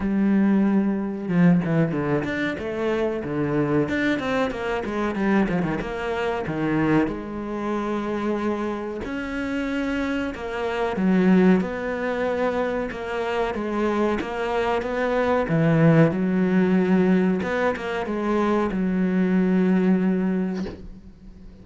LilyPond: \new Staff \with { instrumentName = "cello" } { \time 4/4 \tempo 4 = 93 g2 f8 e8 d8 d'8 | a4 d4 d'8 c'8 ais8 gis8 | g8 f16 dis16 ais4 dis4 gis4~ | gis2 cis'2 |
ais4 fis4 b2 | ais4 gis4 ais4 b4 | e4 fis2 b8 ais8 | gis4 fis2. | }